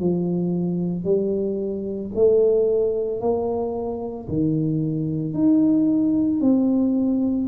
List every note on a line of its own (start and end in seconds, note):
0.00 1.04 F3
1.04 2.11 G3
2.15 3.21 A3
3.21 4.28 A#3
4.29 5.34 D#3
5.34 6.41 D#4
6.41 7.48 C4